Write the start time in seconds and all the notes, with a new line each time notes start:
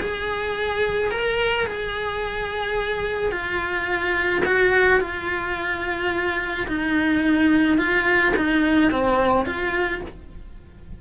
0.00 G#4
1.11 A#4
1.66 G#4
3.31 F4
4.45 F#4
5.00 F4
6.67 D#4
7.78 F4
8.36 D#4
8.91 C4
9.45 F4